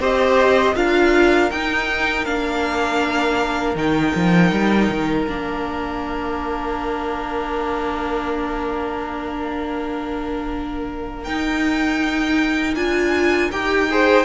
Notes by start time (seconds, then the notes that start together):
0.00 C4 G4 C5 D#5
0.75 D4 F4 A#4 F5
1.51 D#4 G5
2.25 A#3 D4 F5
3.75 D#3 D#4 G5
4.16 F3
4.52 G3
4.90 D#3
5.26 A#3 D4 F5
11.25 D#4 G5
12.76 D4 F4 G#5
13.52 D#4 G4 G5
13.90 G#4 C5